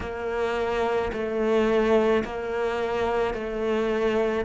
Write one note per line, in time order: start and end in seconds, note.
0.00 1.11 A#3
1.12 2.23 A3
2.24 3.33 A#3
3.33 4.44 A3